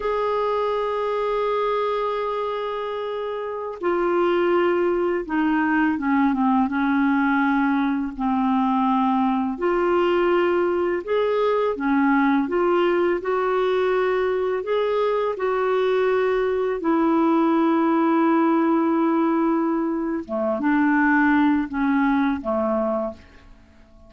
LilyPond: \new Staff \with { instrumentName = "clarinet" } { \time 4/4 \tempo 4 = 83 gis'1~ | gis'4~ gis'16 f'2 dis'8.~ | dis'16 cis'8 c'8 cis'2 c'8.~ | c'4~ c'16 f'2 gis'8.~ |
gis'16 cis'4 f'4 fis'4.~ fis'16~ | fis'16 gis'4 fis'2 e'8.~ | e'1 | a8 d'4. cis'4 a4 | }